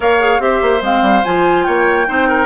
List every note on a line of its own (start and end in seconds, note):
0.00 0.39 A#3
0.00 0.18 A#4
0.00 0.41 C#5
0.00 0.41 F5
0.19 0.39 G#4
0.39 0.60 C4
0.39 0.80 G4
0.39 1.65 C5
0.39 0.83 E5
0.62 0.81 A#3
0.81 1.01 G#3
0.81 1.24 C4
0.81 1.24 F5
1.01 1.22 G3
1.24 1.67 F3
1.24 2.06 F4
1.24 1.63 G#5
1.63 2.08 A#3
1.63 2.07 C#5
1.63 2.46 G5
2.06 2.46 C4
2.06 2.46 D#4
2.06 2.28 C5
2.28 2.46 A#4